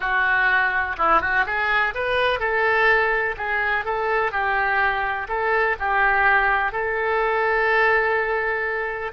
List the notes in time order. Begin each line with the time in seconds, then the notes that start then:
0.00 F#4
0.98 E4
1.21 F#4
1.46 G#4
1.94 B4
2.39 A4
3.37 G#4
3.84 A4
4.31 G4
5.28 A4
5.79 G4
6.72 A4